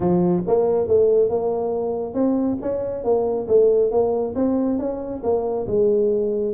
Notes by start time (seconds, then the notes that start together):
0.00 F3
0.47 A#3
0.87 A3
1.29 A#3
2.14 C4
2.61 C#4
3.03 A#3
3.48 A3
3.91 A#3
4.35 C4
4.78 C#4
5.23 A#3
5.67 G#3